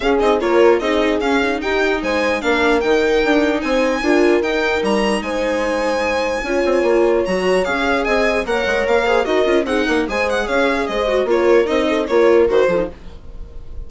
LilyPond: <<
  \new Staff \with { instrumentName = "violin" } { \time 4/4 \tempo 4 = 149 f''8 dis''8 cis''4 dis''4 f''4 | g''4 gis''4 f''4 g''4~ | g''4 gis''2 g''4 | ais''4 gis''2.~ |
gis''2 ais''4 f''4 | gis''4 fis''4 f''4 dis''4 | fis''4 gis''8 fis''8 f''4 dis''4 | cis''4 dis''4 cis''4 c''4 | }
  \new Staff \with { instrumentName = "horn" } { \time 4/4 gis'4 ais'4 gis'2 | g'4 c''4 ais'2~ | ais'4 c''4 ais'2~ | ais'4 c''2. |
cis''1 | dis''4 cis''4. c''8 ais'4 | gis'8 ais'8 c''4 cis''4 c''4 | ais'4. a'8 ais'4. a'8 | }
  \new Staff \with { instrumentName = "viola" } { \time 4/4 cis'8 dis'8 f'4 dis'4 cis'8 dis'8~ | dis'2 d'4 dis'4~ | dis'2 f'4 dis'4~ | dis'1 |
f'2 fis'4 gis'4~ | gis'4 ais'4. gis'8 fis'8 f'8 | dis'4 gis'2~ gis'8 fis'8 | f'4 dis'4 f'4 fis'8 f'16 dis'16 | }
  \new Staff \with { instrumentName = "bassoon" } { \time 4/4 cis'8 c'8 ais4 c'4 cis'4 | dis'4 gis4 ais4 dis4 | d'4 c'4 d'4 dis'4 | g4 gis2. |
cis'8 c'8 ais4 fis4 cis'4 | c'4 ais8 gis8 ais4 dis'8 cis'8 | c'8 ais8 gis4 cis'4 gis4 | ais4 c'4 ais4 dis8 f8 | }
>>